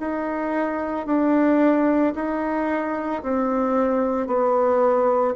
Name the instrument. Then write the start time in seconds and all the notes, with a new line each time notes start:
bassoon
0.00 D#4
1.06 D4
2.15 D#4
3.23 C4
4.27 B3